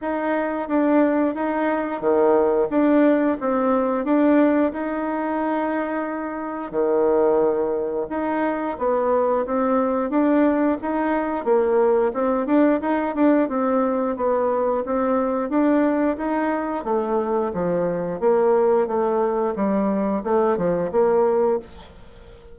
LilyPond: \new Staff \with { instrumentName = "bassoon" } { \time 4/4 \tempo 4 = 89 dis'4 d'4 dis'4 dis4 | d'4 c'4 d'4 dis'4~ | dis'2 dis2 | dis'4 b4 c'4 d'4 |
dis'4 ais4 c'8 d'8 dis'8 d'8 | c'4 b4 c'4 d'4 | dis'4 a4 f4 ais4 | a4 g4 a8 f8 ais4 | }